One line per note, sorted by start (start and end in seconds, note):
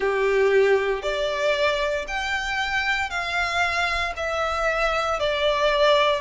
0.00 1.02 G4
1.02 2.05 D5
2.07 3.09 G5
3.09 4.13 F5
4.16 5.19 E5
5.19 6.20 D5